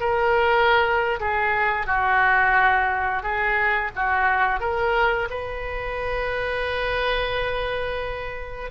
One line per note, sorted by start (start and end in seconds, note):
0.00 1.19 A#4
1.20 1.86 G#4
1.86 3.23 F#4
3.23 3.91 G#4
3.96 4.60 F#4
4.60 5.28 A#4
5.30 8.71 B4